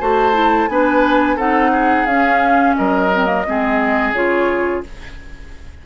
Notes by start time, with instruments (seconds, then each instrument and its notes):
0.00 bassoon A3, clarinet F#4, oboe C5, flute A5
0.33 clarinet E4
0.68 bassoon B3, clarinet D4, oboe B4, flute G#5
1.36 bassoon C4, clarinet D#4, oboe A4, flute F#5
1.72 oboe G#4
2.05 bassoon C#4, clarinet C#4, flute F5
2.75 bassoon F#3, oboe A#4, flute D#5
3.13 clarinet C4
3.25 clarinet A#3
3.47 bassoon G#3, clarinet C4, oboe G#4
4.12 bassoon C#3, clarinet F4, flute C#5